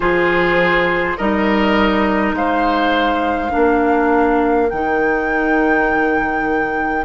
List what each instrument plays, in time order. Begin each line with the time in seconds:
0.00 bassoon F3, clarinet F4, oboe G#4, flute C5
1.17 bassoon G3, clarinet D#4, oboe A#4, flute D#5
2.32 bassoon G#3, oboe C5, flute F5
3.50 bassoon A#3, clarinet D4, oboe A#4
4.69 bassoon D#3, clarinet D#4, flute G5